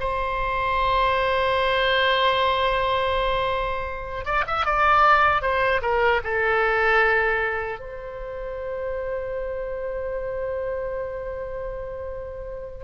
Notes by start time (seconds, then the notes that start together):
0.00 C5
4.25 D5
4.47 E5
4.65 D5
5.42 C5
5.82 A#4
6.24 A4
7.79 C5